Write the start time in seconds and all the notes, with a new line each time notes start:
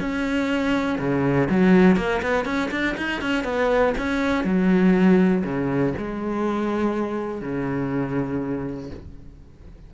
0.00 C#4
0.99 C#3
1.50 F#3
1.97 A#3
2.23 B3
2.45 C#4
2.71 D4
2.98 D#4
3.22 C#4
3.44 B3
3.98 C#4
4.45 F#3
5.44 C#3
5.98 G#3
7.42 C#3